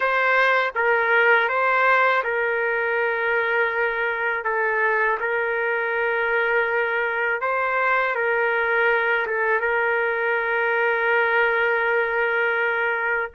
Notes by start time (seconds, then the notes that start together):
0.00 C5
0.75 A#4
1.48 C5
2.23 A#4
4.44 A4
5.20 A#4
7.41 C5
8.15 A#4
9.27 A4
9.60 A#4